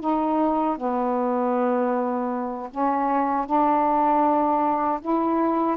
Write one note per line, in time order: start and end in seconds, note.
0.00 0.77 D#4
0.77 2.69 B3
2.71 3.46 C#4
3.46 5.00 D4
5.01 5.77 E4